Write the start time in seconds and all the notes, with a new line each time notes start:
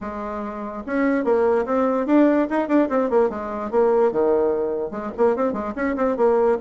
0.01 G#3
0.86 C#4
1.24 A#3
1.65 C4
2.06 D4
2.50 D#4
2.67 D4
2.89 C4
3.10 A#3
3.29 G#3
3.70 A#3
4.11 D#3
4.90 G#3
5.17 A#3
5.36 C4
5.53 G#3
5.75 C#4
5.96 C4
6.16 A#3